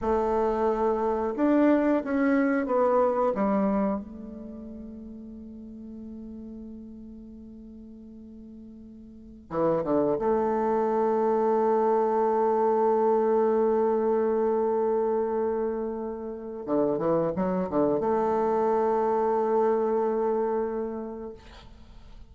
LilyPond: \new Staff \with { instrumentName = "bassoon" } { \time 4/4 \tempo 4 = 90 a2 d'4 cis'4 | b4 g4 a2~ | a1~ | a2~ a16 e8 d8 a8.~ |
a1~ | a1~ | a4 d8 e8 fis8 d8 a4~ | a1 | }